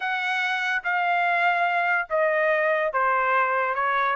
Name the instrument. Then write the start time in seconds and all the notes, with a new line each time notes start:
trumpet
0.00 F#5
0.83 F5
2.09 D#5
2.92 C5
3.74 C#5